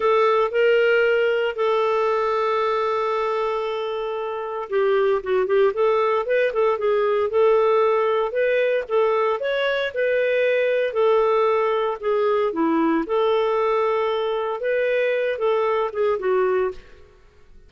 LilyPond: \new Staff \with { instrumentName = "clarinet" } { \time 4/4 \tempo 4 = 115 a'4 ais'2 a'4~ | a'1~ | a'4 g'4 fis'8 g'8 a'4 | b'8 a'8 gis'4 a'2 |
b'4 a'4 cis''4 b'4~ | b'4 a'2 gis'4 | e'4 a'2. | b'4. a'4 gis'8 fis'4 | }